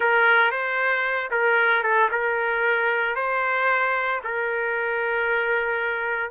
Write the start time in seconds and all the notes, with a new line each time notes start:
0.00 A#4
0.51 C5
1.30 A#4
1.83 A4
2.11 A#4
3.15 C5
4.24 A#4